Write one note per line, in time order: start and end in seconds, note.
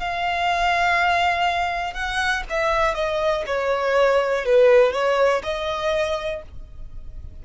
0.00 1.94 F5
1.94 2.44 F#5
2.50 2.95 E5
2.95 3.44 D#5
3.47 4.45 C#5
4.45 4.92 B4
4.92 5.42 C#5
5.43 6.43 D#5